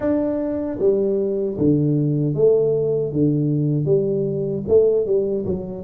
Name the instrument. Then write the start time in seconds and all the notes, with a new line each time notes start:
tuba
0.00 D4
0.79 G3
1.58 D3
2.34 A3
3.12 D3
3.85 G3
4.68 A3
5.06 G3
5.45 F#3